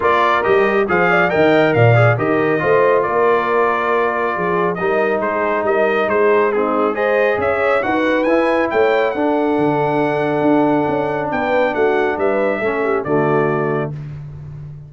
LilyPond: <<
  \new Staff \with { instrumentName = "trumpet" } { \time 4/4 \tempo 4 = 138 d''4 dis''4 f''4 g''4 | f''4 dis''2 d''4~ | d''2. dis''4 | c''4 dis''4 c''4 gis'4 |
dis''4 e''4 fis''4 gis''4 | g''4 fis''2.~ | fis''2 g''4 fis''4 | e''2 d''2 | }
  \new Staff \with { instrumentName = "horn" } { \time 4/4 ais'2 c''8 d''8 dis''4 | d''4 ais'4 c''4 ais'4~ | ais'2 gis'4 ais'4 | gis'4 ais'4 gis'4 dis'4 |
c''4 cis''4 b'2 | cis''4 a'2.~ | a'2 b'4 fis'4 | b'4 a'8 g'8 fis'2 | }
  \new Staff \with { instrumentName = "trombone" } { \time 4/4 f'4 g'4 gis'4 ais'4~ | ais'8 gis'8 g'4 f'2~ | f'2. dis'4~ | dis'2. c'4 |
gis'2 fis'4 e'4~ | e'4 d'2.~ | d'1~ | d'4 cis'4 a2 | }
  \new Staff \with { instrumentName = "tuba" } { \time 4/4 ais4 g4 f4 dis4 | ais,4 dis4 a4 ais4~ | ais2 f4 g4 | gis4 g4 gis2~ |
gis4 cis'4 dis'4 e'4 | a4 d'4 d2 | d'4 cis'4 b4 a4 | g4 a4 d2 | }
>>